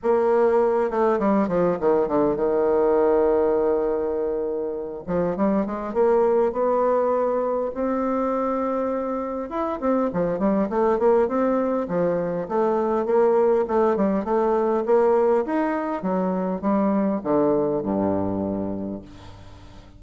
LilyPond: \new Staff \with { instrumentName = "bassoon" } { \time 4/4 \tempo 4 = 101 ais4. a8 g8 f8 dis8 d8 | dis1~ | dis8 f8 g8 gis8 ais4 b4~ | b4 c'2. |
e'8 c'8 f8 g8 a8 ais8 c'4 | f4 a4 ais4 a8 g8 | a4 ais4 dis'4 fis4 | g4 d4 g,2 | }